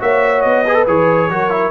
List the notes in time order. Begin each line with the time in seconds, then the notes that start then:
0.00 A#3 F#4 C#5 E5
0.42 B3 D#5
0.66 G#4 B4
0.75 A4
0.87 E3 G#4 C#5
1.30 F#3 F#4 A#4
1.50 E4